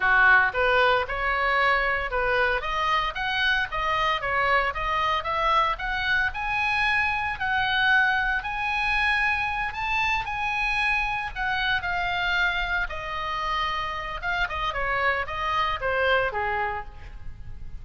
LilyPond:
\new Staff \with { instrumentName = "oboe" } { \time 4/4 \tempo 4 = 114 fis'4 b'4 cis''2 | b'4 dis''4 fis''4 dis''4 | cis''4 dis''4 e''4 fis''4 | gis''2 fis''2 |
gis''2~ gis''8 a''4 gis''8~ | gis''4. fis''4 f''4.~ | f''8 dis''2~ dis''8 f''8 dis''8 | cis''4 dis''4 c''4 gis'4 | }